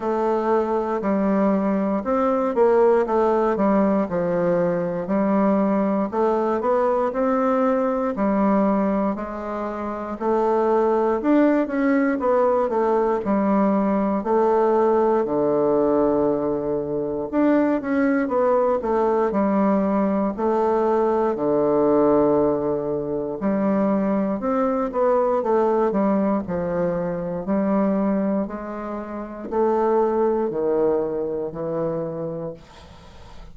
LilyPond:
\new Staff \with { instrumentName = "bassoon" } { \time 4/4 \tempo 4 = 59 a4 g4 c'8 ais8 a8 g8 | f4 g4 a8 b8 c'4 | g4 gis4 a4 d'8 cis'8 | b8 a8 g4 a4 d4~ |
d4 d'8 cis'8 b8 a8 g4 | a4 d2 g4 | c'8 b8 a8 g8 f4 g4 | gis4 a4 dis4 e4 | }